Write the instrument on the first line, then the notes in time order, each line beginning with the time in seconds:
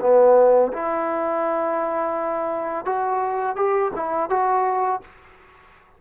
trombone
0.00 B3
0.72 E4
2.85 F#4
3.56 G4
3.95 E4
4.29 F#4